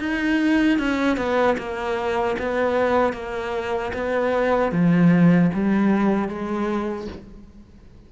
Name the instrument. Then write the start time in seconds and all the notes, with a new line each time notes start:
cello
0.00 D#4
0.79 C#4
1.18 B3
1.58 A#3
2.39 B3
3.14 A#3
3.94 B3
4.72 F3
5.54 G3
6.29 G#3